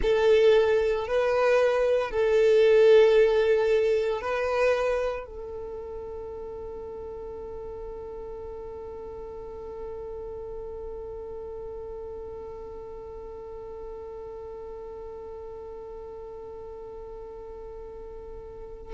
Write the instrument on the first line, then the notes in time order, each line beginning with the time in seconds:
violin
0.02 A4
1.07 B4
2.11 A4
4.21 B4
5.26 A4